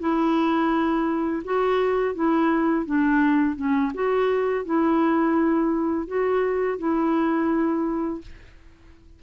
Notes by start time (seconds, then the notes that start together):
0.00 E4
1.44 F#4
2.15 E4
2.86 D4
3.56 C#4
3.94 F#4
4.65 E4
6.07 F#4
6.79 E4